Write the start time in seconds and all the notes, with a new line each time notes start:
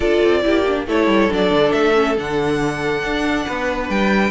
0.00 D4 F4 A4 D5
0.24 C4
0.42 A#3 E4 G4
0.67 D4
0.86 A3 E4 A4 C#5
1.06 G3
1.30 F#3 D4 D5
1.50 D3
1.72 A3 E5
1.94 C#4
2.17 D3 D4 F#5
3.03 D4
3.46 B3 B4
3.89 G3 G5